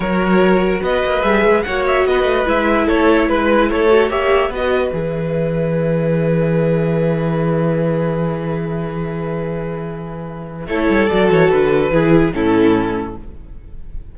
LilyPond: <<
  \new Staff \with { instrumentName = "violin" } { \time 4/4 \tempo 4 = 146 cis''2 dis''4 e''4 | fis''8 e''8 dis''4 e''4 cis''4 | b'4 cis''4 e''4 dis''4 | e''1~ |
e''1~ | e''1~ | e''2 cis''4 d''8 cis''8 | b'2 a'2 | }
  \new Staff \with { instrumentName = "violin" } { \time 4/4 ais'2 b'2 | cis''4 b'2 a'4 | b'4 a'4 cis''4 b'4~ | b'1~ |
b'1~ | b'1~ | b'2 a'2~ | a'4 gis'4 e'2 | }
  \new Staff \with { instrumentName = "viola" } { \time 4/4 fis'2. gis'4 | fis'2 e'2~ | e'4. fis'8 g'4 fis'4 | gis'1~ |
gis'1~ | gis'1~ | gis'2 e'4 fis'4~ | fis'4 e'4 cis'2 | }
  \new Staff \with { instrumentName = "cello" } { \time 4/4 fis2 b8 ais8 g8 gis8 | ais4 b8 a8 gis4 a4 | gis4 a4 ais4 b4 | e1~ |
e1~ | e1~ | e2 a8 g8 fis8 e8 | d4 e4 a,2 | }
>>